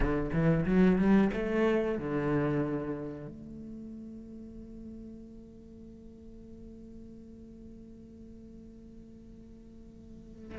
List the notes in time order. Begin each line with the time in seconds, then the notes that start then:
0.00 D3
0.32 E3
0.65 F#3
0.98 G3
1.33 A3
1.98 D3
3.27 A3